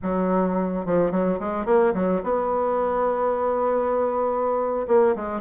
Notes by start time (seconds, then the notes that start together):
0.02 F#3
0.85 F3
1.11 F#3
1.39 G#3
1.65 A#3
1.94 F#3
2.23 B3
4.87 A#3
5.15 G#3